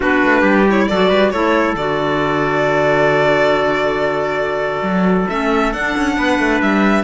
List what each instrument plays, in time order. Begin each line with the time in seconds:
0.00 cello B3, clarinet D4, trumpet F#4, violin B4
0.24 cello A3
0.41 cello G3, trumpet G4
0.68 clarinet E4, violin C#5
0.88 cello F#3, clarinet F#4, trumpet A4, violin D5
1.09 cello G3, trumpet B4
1.30 cello A3, clarinet E4, trumpet A4, violin C#5
1.74 cello D3, clarinet F#4, violin D5
4.81 cello F#3
5.29 cello A3, clarinet C#4, violin E5
5.73 cello D4, clarinet D4, violin F#5
5.97 cello C#4
6.17 cello B3, trumpet B4
6.39 cello A3
6.61 cello G3, violin E5